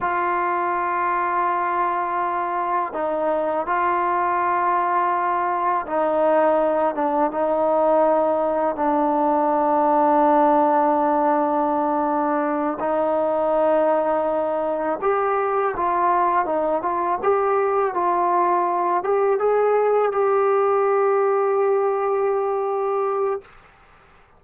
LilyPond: \new Staff \with { instrumentName = "trombone" } { \time 4/4 \tempo 4 = 82 f'1 | dis'4 f'2. | dis'4. d'8 dis'2 | d'1~ |
d'4. dis'2~ dis'8~ | dis'8 g'4 f'4 dis'8 f'8 g'8~ | g'8 f'4. g'8 gis'4 g'8~ | g'1 | }